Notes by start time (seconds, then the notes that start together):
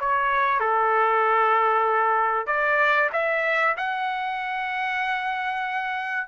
0.00 C#5
0.60 A4
2.47 D5
3.13 E5
3.77 F#5